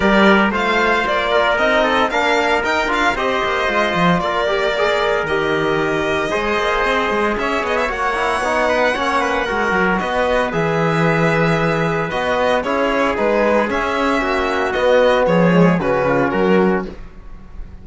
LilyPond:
<<
  \new Staff \with { instrumentName = "violin" } { \time 4/4 \tempo 4 = 114 d''4 f''4 d''4 dis''4 | f''4 g''8 f''8 dis''2 | d''2 dis''2~ | dis''2 e''8 dis''16 e''16 fis''4~ |
fis''2. dis''4 | e''2. dis''4 | cis''4 b'4 e''2 | dis''4 cis''4 b'4 ais'4 | }
  \new Staff \with { instrumentName = "trumpet" } { \time 4/4 ais'4 c''4. ais'4 a'8 | ais'2 c''2 | ais'1 | c''2 cis''2~ |
cis''8 b'8 cis''8 b'8 ais'4 b'4~ | b'1 | gis'2. fis'4~ | fis'4 gis'4 fis'8 f'8 fis'4 | }
  \new Staff \with { instrumentName = "trombone" } { \time 4/4 g'4 f'2 dis'4 | d'4 dis'8 f'8 g'4 f'4~ | f'8 g'8 gis'4 g'2 | gis'2. fis'8 e'8 |
dis'4 cis'4 fis'2 | gis'2. fis'4 | e'4 dis'4 cis'2 | b4. gis8 cis'2 | }
  \new Staff \with { instrumentName = "cello" } { \time 4/4 g4 a4 ais4 c'4 | ais4 dis'8 d'8 c'8 ais8 gis8 f8 | ais2 dis2 | gis8 ais8 c'8 gis8 cis'8 b8 ais4 |
b4 ais4 gis8 fis8 b4 | e2. b4 | cis'4 gis4 cis'4 ais4 | b4 f4 cis4 fis4 | }
>>